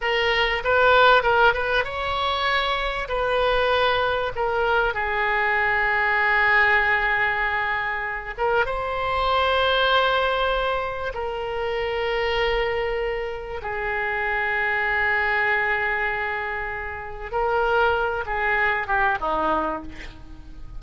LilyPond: \new Staff \with { instrumentName = "oboe" } { \time 4/4 \tempo 4 = 97 ais'4 b'4 ais'8 b'8 cis''4~ | cis''4 b'2 ais'4 | gis'1~ | gis'4. ais'8 c''2~ |
c''2 ais'2~ | ais'2 gis'2~ | gis'1 | ais'4. gis'4 g'8 dis'4 | }